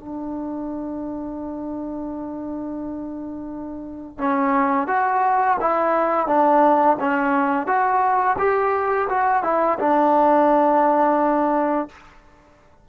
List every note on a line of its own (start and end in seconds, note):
0.00 4.18 D4
4.18 4.88 C#4
4.88 5.58 F#4
5.61 6.28 E4
6.28 6.97 D4
7.00 7.67 C#4
7.67 8.37 F#4
8.39 9.09 G4
9.10 9.44 F#4
9.44 9.79 E4
9.80 11.89 D4